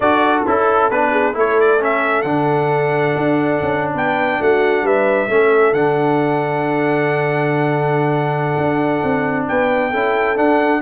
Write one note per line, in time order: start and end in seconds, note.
0.00 0.44 D4
0.00 0.46 F#4
0.00 1.11 A4
0.00 0.43 D5
0.46 0.90 C#4
0.46 0.91 E4
0.46 0.90 A4
0.90 1.34 B3
0.90 1.33 D4
0.90 1.35 B4
1.11 1.33 G#4
1.33 2.23 A3
1.33 1.78 E4
1.33 3.94 A4
1.33 1.60 C#5
1.60 1.82 D5
1.79 2.24 C#4
1.79 2.22 E5
2.22 3.13 D3
2.22 5.29 D4
2.22 3.91 F#5
3.16 3.61 D4
3.61 3.94 C#4
3.94 4.39 B3
3.94 4.39 B4
3.94 4.42 G5
4.40 4.82 A3
4.40 4.84 F#4
4.40 4.86 F#5
4.82 5.27 G3
4.82 5.29 B4
4.82 5.73 E5
5.29 5.72 A3
5.29 5.74 C#4
5.29 9.48 A4
5.72 8.54 D3
5.72 9.92 D4
5.72 9.45 F#5
8.57 9.02 D4
9.03 9.48 C4
9.48 9.93 B3
9.48 9.91 B4
9.48 10.37 G5
9.91 10.38 C#4
9.91 10.35 E4
9.91 10.81 A4
10.35 10.81 D4
10.35 10.81 F#5